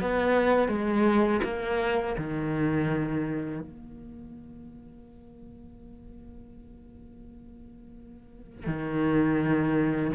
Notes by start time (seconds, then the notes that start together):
0.00 B3
0.68 G#3
1.43 A#3
2.18 D#3
3.60 A#3
8.66 D#3